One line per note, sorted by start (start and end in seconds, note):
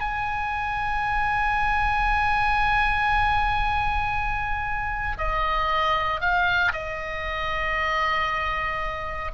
0.00 5.17 G#5
5.18 6.20 D#5
6.20 6.72 F5
6.72 9.31 D#5